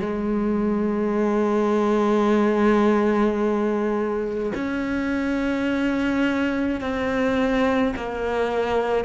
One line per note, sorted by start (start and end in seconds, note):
0.00 4.53 G#3
4.55 6.81 C#4
6.81 7.94 C4
7.97 9.05 A#3